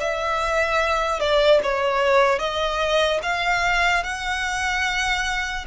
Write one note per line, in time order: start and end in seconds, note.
0.00 1.20 E5
1.20 1.60 D5
1.63 2.39 C#5
2.39 3.20 D#5
3.22 4.03 F5
4.03 5.65 F#5